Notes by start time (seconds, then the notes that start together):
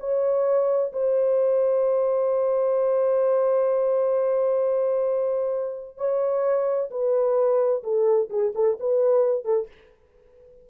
0.00 C#5
0.93 C5
5.98 C#5
6.91 B4
7.84 A4
8.30 G#4
8.56 A4
8.80 B4
9.45 A4